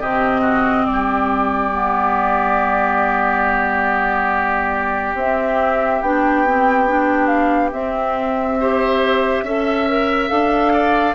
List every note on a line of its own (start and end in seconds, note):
0.00 0.86 C3
0.00 1.72 C4
0.00 0.41 G4
0.00 0.86 D#5
0.41 0.84 F#4
0.86 5.14 G3
0.86 5.14 D5
0.92 8.59 G4
1.72 5.15 B3
5.14 6.00 C4
5.14 6.03 C4
5.14 6.01 E5
6.01 7.72 B3
6.01 6.46 D4
6.01 7.26 G5
6.46 6.88 C4
6.88 7.71 D4
7.26 7.69 F5
7.71 8.57 C4
7.71 9.43 C4
7.71 10.28 E5
8.59 9.46 G4
8.59 9.45 C5
9.43 10.28 C#4
9.43 9.89 A4
9.43 10.73 E5
9.89 10.29 A#4
10.28 11.14 D4
10.28 11.14 A4
10.28 11.14 F5
10.73 11.14 D5